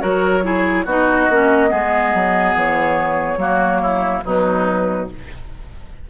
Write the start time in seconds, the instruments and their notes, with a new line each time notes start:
0.00 bassoon F#3, clarinet F#4, oboe A#4, flute C#5
0.43 clarinet E4, oboe G#4
0.85 bassoon B3, clarinet D#4, oboe F#4, flute D#5
1.29 bassoon A#3, clarinet C#4
1.69 bassoon G#3, clarinet B3, oboe G#4
2.14 bassoon F#3
2.54 bassoon E3, flute C#5
3.37 bassoon F#3, clarinet A#3, oboe F#4
3.82 oboe E4
4.24 bassoon B2, clarinet F#3, oboe D#4, flute B4